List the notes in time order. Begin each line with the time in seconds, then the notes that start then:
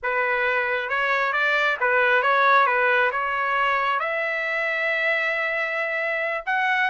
0.02 B4
0.89 C#5
1.32 D5
1.80 B4
2.22 C#5
2.66 B4
3.11 C#5
3.99 E5
6.46 F#5